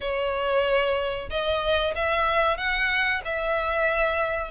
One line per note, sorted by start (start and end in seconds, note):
0.00 1.29 C#5
1.29 1.94 D#5
1.95 2.57 E5
2.57 3.21 F#5
3.24 4.50 E5